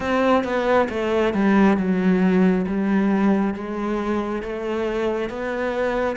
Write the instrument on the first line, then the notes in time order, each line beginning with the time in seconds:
cello
0.00 C4
0.44 B3
0.89 A3
1.33 G3
1.77 F#3
2.66 G3
3.54 G#3
4.42 A3
5.29 B3